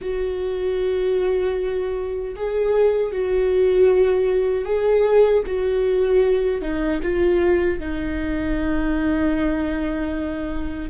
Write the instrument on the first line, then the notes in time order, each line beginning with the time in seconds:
viola
0.01 F#4
2.36 G#4
3.12 F#4
4.65 G#4
5.46 F#4
6.61 D#4
7.02 F4
7.79 D#4